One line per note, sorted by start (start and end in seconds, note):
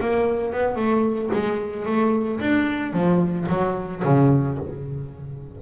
0.00 0.53 A#3
0.53 0.76 B3
0.76 1.30 A3
1.33 1.86 G#3
1.86 2.40 A3
2.40 2.93 D4
2.93 3.47 F3
3.49 4.03 F#3
4.04 4.58 C#3